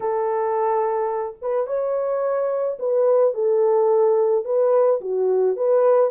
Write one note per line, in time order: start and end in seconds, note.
0.00 1.36 A4
1.41 1.66 B4
1.66 2.78 C#5
2.79 3.34 B4
3.34 4.44 A4
4.44 5.00 B4
5.01 5.56 F#4
5.56 6.10 B4